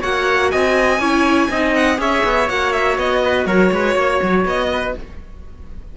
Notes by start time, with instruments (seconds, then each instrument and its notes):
0.00 cello A#3, viola F#4, trumpet C#5, violin F#5
0.51 cello C4, trumpet D#5, violin G#5
0.99 cello C#4, viola E4, trumpet C#5
1.50 cello C4, viola D#4, trumpet D#5
1.74 violin F#5
1.96 cello C#4, viola G#4, trumpet C#5, violin E5
2.24 cello B3
2.47 cello A#3, viola F#4, violin F#5
2.72 violin E5
2.97 cello B3, violin D#5
3.23 trumpet B4
3.45 cello F#3, trumpet A#4, violin C#5
3.71 cello G#3, trumpet B4
3.94 cello A#3, trumpet C#5
4.22 cello F#3
4.44 cello B3, violin D#5
4.72 trumpet B4